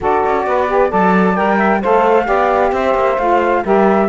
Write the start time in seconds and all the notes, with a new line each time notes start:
0.00 D4 F#4 A4 D5
0.25 C#4
0.46 B3 B4
0.67 G4
0.89 F#3 A4 D5 A5
1.35 G3 A#4 G5
1.57 E5
1.81 A3 A4 C5 F5
2.24 B3 G4 D5
2.71 C4 C5 E5
2.94 A#3
3.18 A3 F4 F5
3.64 G3 G4 A#4 E5